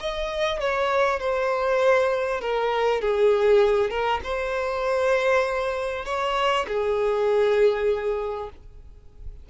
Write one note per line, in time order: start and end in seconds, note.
0.00 0.60 D#5
0.60 1.20 C#5
1.20 2.41 C5
2.41 3.01 A#4
3.01 3.90 G#4
3.90 4.21 A#4
4.24 6.06 C5
6.06 6.66 C#5
6.68 8.50 G#4